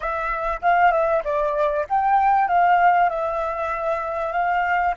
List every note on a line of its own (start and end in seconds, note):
0.00 0.60 E5
0.61 0.91 F5
0.91 1.22 E5
1.24 1.86 D5
1.89 2.48 G5
2.48 3.09 F5
3.09 4.32 E5
4.32 4.94 F5